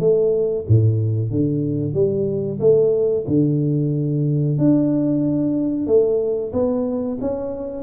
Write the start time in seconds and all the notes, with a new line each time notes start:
0.00 A3
0.68 A2
1.31 D3
1.94 G3
2.60 A3
3.28 D3
4.58 D4
5.87 A3
6.53 B3
7.21 C#4